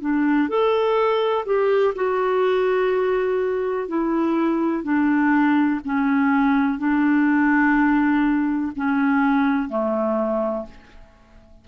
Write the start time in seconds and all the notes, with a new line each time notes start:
0.00 D4
0.48 A4
1.46 G4
1.95 F#4
3.88 E4
4.83 D4
5.85 C#4
6.78 D4
8.76 C#4
9.69 A3